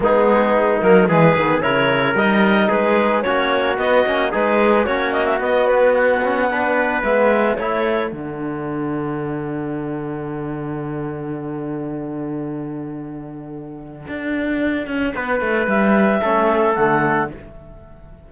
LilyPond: <<
  \new Staff \with { instrumentName = "clarinet" } { \time 4/4 \tempo 4 = 111 gis'4. ais'8 b'4 cis''4 | dis''4 b'4 cis''4 dis''4 | b'4 cis''8 dis''16 e''16 dis''8 b'8 fis''4~ | fis''4 e''4 cis''4 fis''4~ |
fis''1~ | fis''1~ | fis''1~ | fis''4 e''2 fis''4 | }
  \new Staff \with { instrumentName = "trumpet" } { \time 4/4 dis'2 gis'4 ais'4~ | ais'4 gis'4 fis'2 | gis'4 fis'2. | b'2 a'2~ |
a'1~ | a'1~ | a'1 | b'2 a'2 | }
  \new Staff \with { instrumentName = "trombone" } { \time 4/4 b4. ais8 gis8 b8 e'4 | dis'2 cis'4 b8 cis'8 | dis'4 cis'4 b4. cis'8 | d'4 b4 e'4 d'4~ |
d'1~ | d'1~ | d'1~ | d'2 cis'4 a4 | }
  \new Staff \with { instrumentName = "cello" } { \time 4/4 gis4. fis8 e8 dis8 cis4 | g4 gis4 ais4 b8 ais8 | gis4 ais4 b2~ | b4 gis4 a4 d4~ |
d1~ | d1~ | d2 d'4. cis'8 | b8 a8 g4 a4 d4 | }
>>